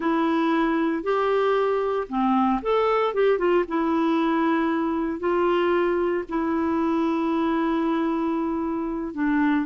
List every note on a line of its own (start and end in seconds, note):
0.00 1.03 E4
1.03 2.07 G4
2.08 2.61 C4
2.61 3.14 A4
3.14 3.38 G4
3.38 3.64 F4
3.68 5.19 E4
5.19 6.23 F4
6.28 9.14 E4
9.14 9.65 D4